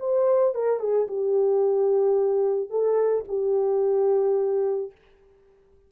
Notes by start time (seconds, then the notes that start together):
0.00 C5
0.55 A#4
0.80 G#4
1.08 G4
2.70 A4
3.29 G4